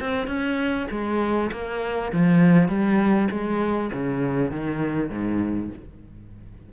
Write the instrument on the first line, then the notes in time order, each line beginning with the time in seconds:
cello
0.00 C4
0.27 C#4
0.91 G#3
1.52 A#3
2.12 F3
2.68 G3
3.31 G#3
3.92 C#3
4.51 D#3
5.10 G#2